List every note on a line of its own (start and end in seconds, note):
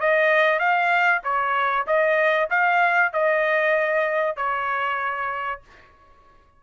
0.00 0.59 D#5
0.59 1.22 F5
1.23 1.86 C#5
1.87 2.49 D#5
2.50 3.12 F5
3.12 4.36 D#5
4.36 5.61 C#5